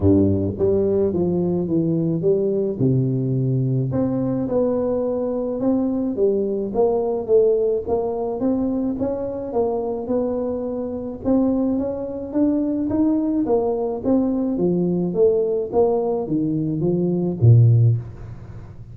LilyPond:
\new Staff \with { instrumentName = "tuba" } { \time 4/4 \tempo 4 = 107 g,4 g4 f4 e4 | g4 c2 c'4 | b2 c'4 g4 | ais4 a4 ais4 c'4 |
cis'4 ais4 b2 | c'4 cis'4 d'4 dis'4 | ais4 c'4 f4 a4 | ais4 dis4 f4 ais,4 | }